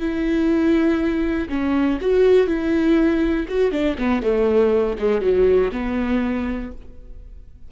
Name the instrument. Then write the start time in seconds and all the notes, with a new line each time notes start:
viola
0.00 E4
1.49 C#4
2.01 F#4
2.47 E4
3.48 F#4
3.71 D4
3.98 B3
4.22 A3
4.99 G#3
5.21 F#3
5.72 B3